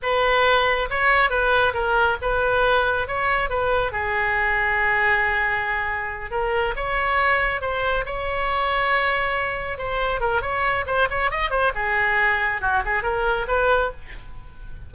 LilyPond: \new Staff \with { instrumentName = "oboe" } { \time 4/4 \tempo 4 = 138 b'2 cis''4 b'4 | ais'4 b'2 cis''4 | b'4 gis'2.~ | gis'2~ gis'8 ais'4 cis''8~ |
cis''4. c''4 cis''4.~ | cis''2~ cis''8 c''4 ais'8 | cis''4 c''8 cis''8 dis''8 c''8 gis'4~ | gis'4 fis'8 gis'8 ais'4 b'4 | }